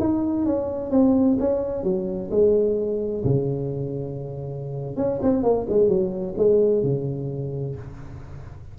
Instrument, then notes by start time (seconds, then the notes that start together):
tuba
0.00 D#4
0.45 C#4
0.91 C4
1.39 C#4
1.83 F#3
2.31 G#3
3.24 C#3
4.96 C#4
5.22 C4
5.43 A#3
5.69 G#3
5.88 F#3
6.37 G#3
6.83 C#3